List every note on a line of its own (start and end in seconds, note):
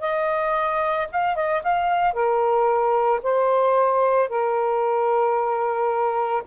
0.00 1.07 D#5
1.11 1.35 F5
1.35 1.62 D#5
1.62 2.13 F5
2.13 3.20 A#4
3.22 4.29 C5
4.29 6.43 A#4